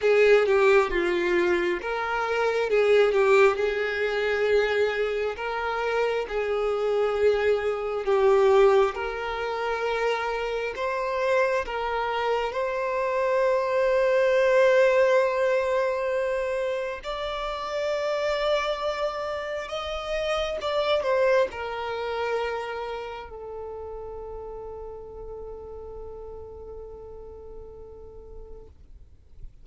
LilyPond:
\new Staff \with { instrumentName = "violin" } { \time 4/4 \tempo 4 = 67 gis'8 g'8 f'4 ais'4 gis'8 g'8 | gis'2 ais'4 gis'4~ | gis'4 g'4 ais'2 | c''4 ais'4 c''2~ |
c''2. d''4~ | d''2 dis''4 d''8 c''8 | ais'2 a'2~ | a'1 | }